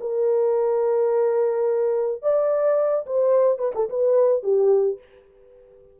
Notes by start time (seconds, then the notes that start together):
0.00 A#4
2.22 D5
3.06 C5
3.58 B4
3.74 A4
3.89 B4
4.42 G4